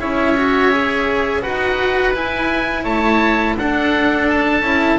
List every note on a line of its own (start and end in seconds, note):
0.00 1.44 C#4
0.00 0.36 E4
0.00 1.42 C#5
0.00 1.43 E5
0.37 0.72 F#4
0.72 1.42 G#4
1.42 2.16 D#4
1.42 2.14 F#4
1.42 2.83 B4
1.42 2.14 F#5
2.14 3.57 E4
2.14 2.85 E4
2.14 2.85 G#5
2.83 3.57 A3
2.83 3.55 C#5
2.83 3.56 A5
3.57 4.62 D4
3.57 4.63 D4
3.57 4.99 A4
3.57 4.30 F#5
4.30 4.99 A5
4.62 4.98 C#4
4.62 4.99 E4